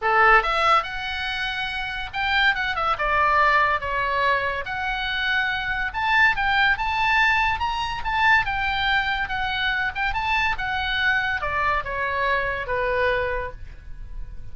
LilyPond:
\new Staff \with { instrumentName = "oboe" } { \time 4/4 \tempo 4 = 142 a'4 e''4 fis''2~ | fis''4 g''4 fis''8 e''8 d''4~ | d''4 cis''2 fis''4~ | fis''2 a''4 g''4 |
a''2 ais''4 a''4 | g''2 fis''4. g''8 | a''4 fis''2 d''4 | cis''2 b'2 | }